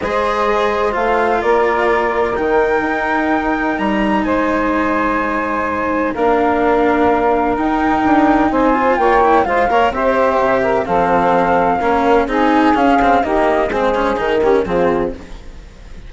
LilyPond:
<<
  \new Staff \with { instrumentName = "flute" } { \time 4/4 \tempo 4 = 127 dis''2 f''4 d''4~ | d''4 g''2. | ais''4 gis''2.~ | gis''4 f''2. |
g''2 gis''4 g''4 | f''4 e''2 f''4~ | f''2 gis''4 f''4 | dis''4 c''4 ais'4 gis'4 | }
  \new Staff \with { instrumentName = "saxophone" } { \time 4/4 c''2. ais'4~ | ais'1~ | ais'4 c''2.~ | c''4 ais'2.~ |
ais'2 c''4 cis''4 | c''8 cis''8 c''4. ais'8 a'4~ | a'4 ais'4 gis'2 | g'4 gis'4. g'8 f'4 | }
  \new Staff \with { instrumentName = "cello" } { \time 4/4 gis'2 f'2~ | f'4 dis'2.~ | dis'1~ | dis'4 d'2. |
dis'2~ dis'8 f'4 e'8 | f'8 ais'8 g'2 c'4~ | c'4 cis'4 dis'4 cis'8 c'8 | ais4 c'8 cis'8 dis'8 cis'8 c'4 | }
  \new Staff \with { instrumentName = "bassoon" } { \time 4/4 gis2 a4 ais4~ | ais4 dis4 dis'2 | g4 gis2.~ | gis4 ais2. |
dis'4 d'4 c'4 ais4 | gis8 ais8 c'4 c4 f4~ | f4 ais4 c'4 cis'4 | dis'4 gis4 dis4 f4 | }
>>